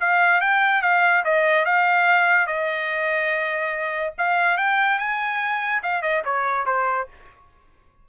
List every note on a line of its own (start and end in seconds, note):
0.00 0.41 F5
0.41 0.82 G5
0.82 1.24 F5
1.24 1.65 D#5
1.65 2.47 F5
2.47 4.13 D#5
4.18 4.57 F5
4.57 4.99 G5
4.99 5.82 G#5
5.83 6.02 F5
6.02 6.23 D#5
6.25 6.66 C#5
6.66 7.08 C5